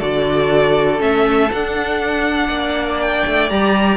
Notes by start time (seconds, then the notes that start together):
0.00 D3 F#4 A4 D5
0.99 A3 C#4 E5
1.52 D4 F#5
2.48 A#3 D5
3.01 G5
3.27 A3
3.50 G3 G4 A#5